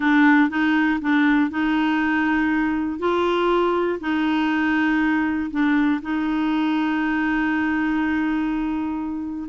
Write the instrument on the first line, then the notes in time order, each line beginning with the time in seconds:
clarinet
0.00 D4
0.49 D#4
1.01 D4
1.50 D#4
2.99 F4
4.00 D#4
5.50 D4
6.02 D#4